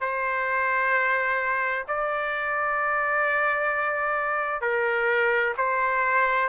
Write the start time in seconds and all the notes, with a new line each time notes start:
0.00 C5
1.87 D5
4.61 A#4
5.57 C5